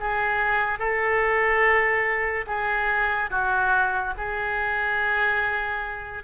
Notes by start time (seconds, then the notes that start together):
0.00 G#4
0.79 A4
2.47 G#4
3.31 F#4
4.17 G#4